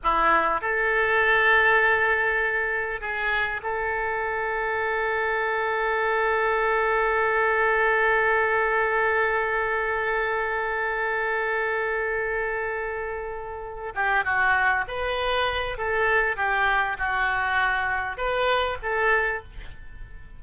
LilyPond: \new Staff \with { instrumentName = "oboe" } { \time 4/4 \tempo 4 = 99 e'4 a'2.~ | a'4 gis'4 a'2~ | a'1~ | a'1~ |
a'1~ | a'2. g'8 fis'8~ | fis'8 b'4. a'4 g'4 | fis'2 b'4 a'4 | }